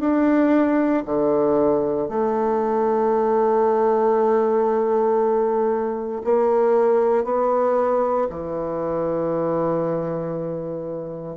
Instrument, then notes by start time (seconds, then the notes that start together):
bassoon
0.00 D4
1.05 D3
2.08 A3
6.24 A#3
7.24 B3
8.30 E3